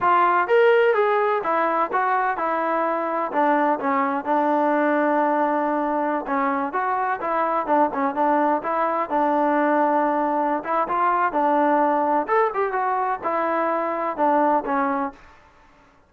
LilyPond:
\new Staff \with { instrumentName = "trombone" } { \time 4/4 \tempo 4 = 127 f'4 ais'4 gis'4 e'4 | fis'4 e'2 d'4 | cis'4 d'2.~ | d'4~ d'16 cis'4 fis'4 e'8.~ |
e'16 d'8 cis'8 d'4 e'4 d'8.~ | d'2~ d'8 e'8 f'4 | d'2 a'8 g'8 fis'4 | e'2 d'4 cis'4 | }